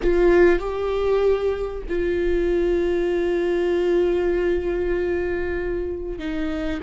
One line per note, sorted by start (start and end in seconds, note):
0.02 0.59 F4
0.59 1.82 G4
1.89 6.18 F4
6.18 6.80 D#4